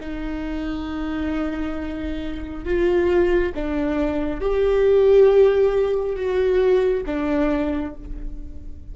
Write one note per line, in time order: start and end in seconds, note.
0.00 2.64 D#4
2.64 3.52 F4
3.54 4.40 D4
4.40 6.15 G4
6.15 7.03 F#4
7.06 7.94 D4